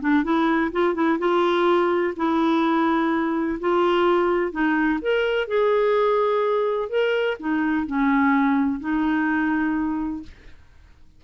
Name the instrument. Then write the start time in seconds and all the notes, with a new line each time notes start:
clarinet
0.00 D4
0.23 E4
0.72 F4
0.94 E4
1.18 F4
2.16 E4
3.60 F4
4.51 D#4
5.02 A#4
5.47 G#4
6.89 A#4
7.39 D#4
7.86 C#4
8.80 D#4